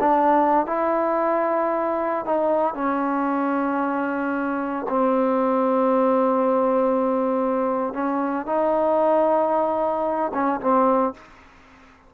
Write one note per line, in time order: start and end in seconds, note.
0.00 0.66 D4
0.66 2.25 E4
2.25 2.74 D#4
2.74 4.87 C#4
4.89 7.94 C4
7.94 8.46 C#4
8.46 10.32 D#4
10.34 10.60 C#4
10.61 11.14 C4